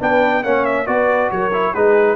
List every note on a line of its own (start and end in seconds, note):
0.00 0.45 B3
0.00 0.43 D4
0.00 0.44 B4
0.00 0.44 G5
0.44 0.88 A#3
0.44 0.87 C#4
0.44 0.87 C#5
0.44 0.65 F#5
0.65 0.87 E5
0.87 1.31 B3
0.87 1.52 F#4
0.87 1.33 B4
0.87 1.31 D5
1.31 1.75 F#3
1.31 1.74 A#4
1.31 1.75 C#5
1.53 1.75 E4
1.74 2.16 G#3
1.74 2.16 D#4
1.74 2.16 G#4
1.74 2.16 B4